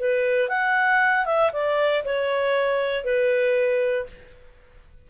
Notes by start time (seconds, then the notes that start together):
0.00 B4
0.49 F#5
1.26 E5
1.53 D5
2.05 C#5
3.05 B4